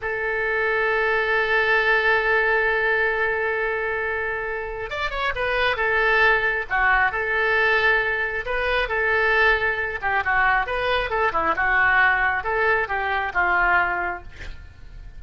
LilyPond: \new Staff \with { instrumentName = "oboe" } { \time 4/4 \tempo 4 = 135 a'1~ | a'1~ | a'2. d''8 cis''8 | b'4 a'2 fis'4 |
a'2. b'4 | a'2~ a'8 g'8 fis'4 | b'4 a'8 e'8 fis'2 | a'4 g'4 f'2 | }